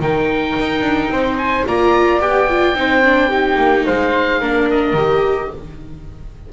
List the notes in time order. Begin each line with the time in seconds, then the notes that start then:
0.00 D#3 D#4 A#4 G5
0.59 D#4
0.81 D4
1.09 C4 C5
1.38 G#5
1.67 A#3 F4 D5 A#5
2.20 B3 G4 G5
2.49 F4
2.74 C4 D#4 C5
3.04 D4
3.29 D#4 G4
3.57 A#3
3.86 G#3 C5 F5
4.40 A#3 D4 A#4
4.70 D#5
4.93 D#3 G4